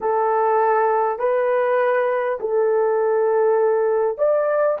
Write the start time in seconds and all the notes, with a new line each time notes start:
0.01 A4
1.18 B4
2.39 A4
4.17 D5